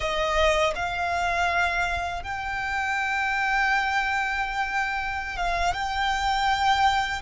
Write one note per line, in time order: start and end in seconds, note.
0.00 0.73 D#5
0.75 2.22 F5
2.22 5.37 G5
5.37 5.73 F5
5.73 7.21 G5